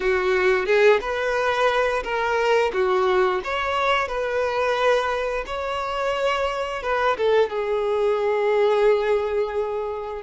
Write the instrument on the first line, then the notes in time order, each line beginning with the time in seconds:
violin
0.00 F#4
0.66 G#4
1.00 B4
2.03 A#4
2.73 F#4
3.44 C#5
4.08 B4
5.46 C#5
6.82 B4
7.17 A4
7.49 G#4